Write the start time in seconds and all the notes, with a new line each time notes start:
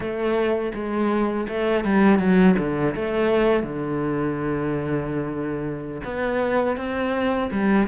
0.00 A3
0.74 G#3
1.48 A3
1.84 G3
2.19 F#3
2.58 D3
2.95 A3
3.63 D3
6.04 B3
6.76 C4
7.51 G3